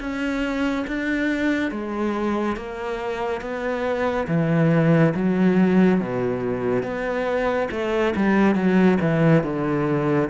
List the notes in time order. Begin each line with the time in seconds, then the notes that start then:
0.00 C#4
0.88 D4
1.71 G#3
2.57 A#3
3.41 B3
4.28 E3
5.15 F#3
6.00 B2
6.83 B3
7.71 A3
8.16 G3
8.55 F#3
9.01 E3
9.44 D3